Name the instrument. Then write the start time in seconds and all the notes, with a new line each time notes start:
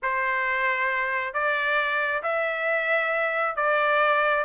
trumpet
0.02 C5
1.33 D5
2.22 E5
3.56 D5